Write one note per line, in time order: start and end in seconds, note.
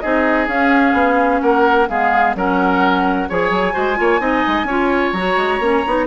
0.00 0.47 C4
0.00 0.48 D#4
0.00 1.42 G#4
0.00 0.47 D#5
0.47 0.93 C#4
0.47 1.88 C#4
0.47 1.41 F5
0.93 1.40 B3
1.41 1.89 A#3
1.41 1.89 A#4
1.41 1.87 F#5
1.88 2.35 G#3
1.88 2.36 B3
1.88 2.36 G#4
1.88 2.34 F5
2.35 3.28 F#3
2.35 3.29 C#4
2.35 3.29 A#4
2.35 3.29 F#5
3.29 3.50 F3
3.29 3.72 G#4
3.29 3.73 C#5
3.29 5.12 G#5
3.50 3.73 F#3
3.72 3.99 G#3
3.72 3.95 F#4
3.72 3.96 C5
3.96 4.20 A#3
3.96 4.19 F4
3.96 4.21 C#5
4.19 4.43 C4
4.19 4.66 D#4
4.19 4.67 D#5
4.47 4.63 G#3
4.63 5.10 C#4
4.63 5.15 F4
4.63 6.06 C#5
5.12 5.36 F#3
5.12 5.61 F#4
5.12 6.05 A#5
5.36 5.59 G#3
5.59 5.82 A#3
5.59 5.84 C#4
5.87 6.07 B3
5.87 6.07 D#4